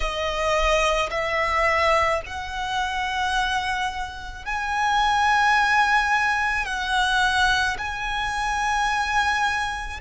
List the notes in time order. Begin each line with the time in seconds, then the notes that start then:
0.00 D#5
1.10 E5
2.26 F#5
4.45 G#5
6.65 F#5
7.78 G#5